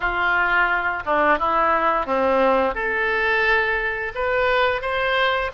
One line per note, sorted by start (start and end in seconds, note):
0.00 1.03 F4
1.05 1.38 D4
1.38 2.06 E4
2.06 2.75 C4
2.75 4.13 A4
4.14 4.81 B4
4.81 5.50 C5